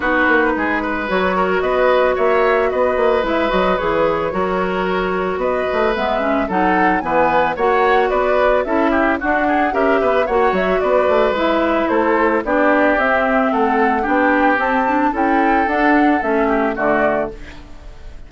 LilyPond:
<<
  \new Staff \with { instrumentName = "flute" } { \time 4/4 \tempo 4 = 111 b'2 cis''4 dis''4 | e''4 dis''4 e''8 dis''8 cis''4~ | cis''2 dis''4 e''4 | fis''4 gis''4 fis''4 d''4 |
e''4 fis''4 e''4 fis''8 e''8 | d''4 e''4 c''4 d''4 | e''4 fis''4 g''4 a''4 | g''4 fis''4 e''4 d''4 | }
  \new Staff \with { instrumentName = "oboe" } { \time 4/4 fis'4 gis'8 b'4 ais'8 b'4 | cis''4 b'2. | ais'2 b'2 | a'4 b'4 cis''4 b'4 |
a'8 g'8 fis'8 gis'8 ais'8 b'8 cis''4 | b'2 a'4 g'4~ | g'4 a'4 g'2 | a'2~ a'8 g'8 fis'4 | }
  \new Staff \with { instrumentName = "clarinet" } { \time 4/4 dis'2 fis'2~ | fis'2 e'8 fis'8 gis'4 | fis'2. b8 cis'8 | dis'4 b4 fis'2 |
e'4 d'4 g'4 fis'4~ | fis'4 e'2 d'4 | c'2 d'4 c'8 d'8 | e'4 d'4 cis'4 a4 | }
  \new Staff \with { instrumentName = "bassoon" } { \time 4/4 b8 ais8 gis4 fis4 b4 | ais4 b8 ais8 gis8 fis8 e4 | fis2 b8 a8 gis4 | fis4 e4 ais4 b4 |
cis'4 d'4 cis'8 b8 ais8 fis8 | b8 a8 gis4 a4 b4 | c'4 a4 b4 c'4 | cis'4 d'4 a4 d4 | }
>>